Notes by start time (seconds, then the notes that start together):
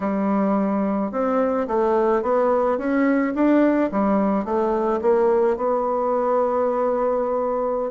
0.00 G3
1.11 C4
1.67 A3
2.22 B3
2.78 C#4
3.34 D4
3.91 G3
4.44 A3
5.01 A#3
5.57 B3